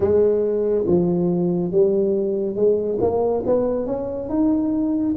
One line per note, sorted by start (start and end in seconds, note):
0.00 0.85 G#3
0.86 1.71 F3
1.71 2.55 G3
2.55 2.98 G#3
3.00 3.43 A#3
3.46 3.86 B3
3.86 4.29 C#4
4.29 5.15 D#4